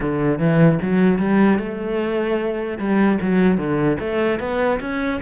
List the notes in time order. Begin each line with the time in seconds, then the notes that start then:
0.00 D3
0.38 E3
0.82 F#3
1.19 G3
1.59 A3
2.78 G3
3.21 F#3
3.57 D3
3.99 A3
4.39 B3
4.80 C#4